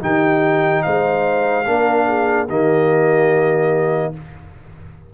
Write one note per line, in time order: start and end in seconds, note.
0.00 0.85 D#3
0.00 1.64 D#4
0.00 0.83 G4
0.00 0.82 G5
0.82 1.68 G#3
0.82 1.66 C5
0.82 2.47 F5
1.66 2.49 A#3
1.66 2.48 D4
1.66 2.06 A#4
2.06 2.47 G#4
2.47 4.13 D#3
2.47 4.14 A#3
2.47 4.11 G4
2.47 4.14 D#5